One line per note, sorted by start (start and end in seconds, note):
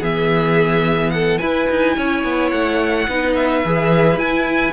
0.00 1.39 E3
0.00 1.40 B3
0.00 1.11 G#4
0.00 1.11 E5
1.11 1.41 A4
1.11 1.38 F#5
1.38 1.69 E4
1.38 3.08 E4
1.38 1.97 B4
1.38 2.49 G#5
1.70 1.97 D#4
1.97 2.24 C#4
1.97 3.09 C#5
2.24 2.52 B3
2.51 3.08 A3
2.51 3.34 F#5
3.08 3.64 B3
3.08 3.64 D#4
3.08 4.73 B4
3.36 4.19 E5
3.65 4.16 E3
3.65 4.18 G#4
4.16 4.72 E4
4.16 4.73 E4
4.16 4.73 G#5